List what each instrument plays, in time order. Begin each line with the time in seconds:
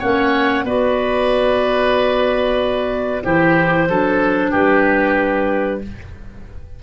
0.00 tuba A#3, clarinet C#4 F#5, oboe C#5
0.64 tuba B3, clarinet F#4 D5, oboe B4
3.24 tuba E3, clarinet E4 C5, oboe G4
3.89 tuba F#3, clarinet D4, oboe A4
4.52 tuba G3, oboe G4, clarinet B4